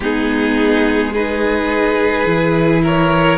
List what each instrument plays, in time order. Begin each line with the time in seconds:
0.00 cello G#3, viola B3, violin D#4 G#4
1.12 viola D#4, violin G#4 B4
2.25 cello E3, viola E4
2.83 violin A#4 C#5